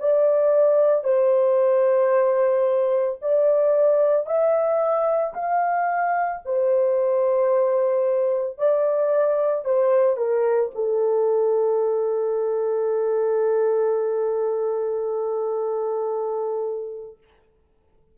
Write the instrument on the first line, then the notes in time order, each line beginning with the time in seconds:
horn
0.00 D5
1.04 C5
3.22 D5
4.27 E5
5.34 F5
6.46 C5
8.58 D5
9.65 C5
10.17 A#4
10.75 A4